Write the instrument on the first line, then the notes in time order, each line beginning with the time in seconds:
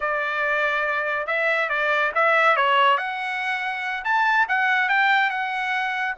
trumpet
0.00 D5
1.26 E5
1.69 D5
2.15 E5
2.56 C#5
2.97 F#5
4.04 A5
4.48 F#5
4.89 G5
5.29 F#5